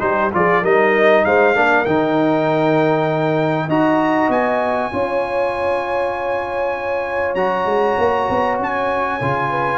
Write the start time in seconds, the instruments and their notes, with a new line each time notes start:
0.00 tuba G3, trombone D#4, horn G4, trumpet C5
0.33 tuba F3, trombone F4, horn G#4, trumpet D5
0.62 tuba G3, trombone D#4, horn A#4, trumpet D#5
1.25 tuba G#3, horn C5, trumpet F5
1.55 tuba A#3, trombone D4, horn A#4
1.86 tuba D#3, trombone D#4, trumpet G5
3.68 tuba D#4, trombone F#4, horn D#5, trumpet A#5
4.29 tuba B3, trumpet G#5
4.92 tuba C#4, trombone F4, horn C#5
7.35 tuba F#3, trombone F#4, trumpet A#5
7.66 tuba G#3
7.98 tuba A#3
8.29 tuba B3
8.59 tuba C#4, trumpet G#5
9.21 tuba C#3, trombone F4
9.51 horn B4